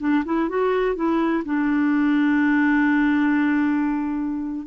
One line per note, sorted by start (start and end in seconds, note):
0.00 0.24 D4
0.25 0.49 E4
0.49 0.96 F#4
0.96 1.44 E4
1.45 4.67 D4